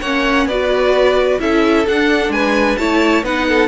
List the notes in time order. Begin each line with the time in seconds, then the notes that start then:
0.00 A#3 C#4 C#5 F#5
0.46 B3 F#4 B4 D5
1.39 C#4 E4 A4 E5
1.86 D4 F#5
2.29 G#3 B4 G#5
2.77 A3 E4 C#5 A5
3.23 B3 D#4 B4 F#5
3.48 A4